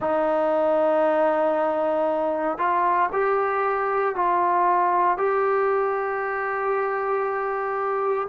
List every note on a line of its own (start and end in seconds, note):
0.00 2.58 D#4
2.58 3.09 F4
3.12 4.15 G4
4.15 5.17 F4
5.17 8.28 G4